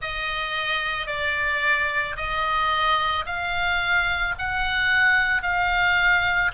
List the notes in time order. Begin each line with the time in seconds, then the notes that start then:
0.01 D#5
1.07 D5
2.16 D#5
3.25 F5
4.38 F#5
5.42 F5